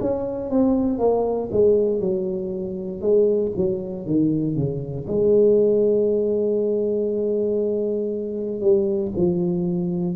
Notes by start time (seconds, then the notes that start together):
0.00 C#4
0.49 C4
0.98 A#3
1.51 G#3
1.99 F#3
3.00 G#3
3.56 F#3
4.05 D#3
4.55 C#3
5.07 G#3
8.60 G3
9.16 F3